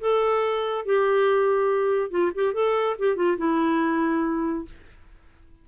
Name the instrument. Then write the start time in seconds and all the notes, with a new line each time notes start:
clarinet
0.00 A4
0.85 G4
2.10 F4
2.35 G4
2.53 A4
2.98 G4
3.16 F4
3.37 E4